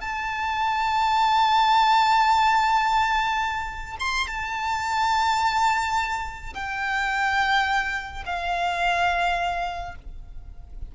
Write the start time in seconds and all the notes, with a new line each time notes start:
0.00 A5
3.99 C6
4.27 A5
6.54 G5
8.25 F5